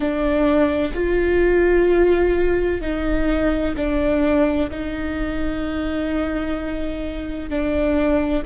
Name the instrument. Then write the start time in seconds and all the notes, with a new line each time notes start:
viola
0.00 D4
0.94 F4
2.81 D#4
3.76 D4
4.70 D#4
7.49 D4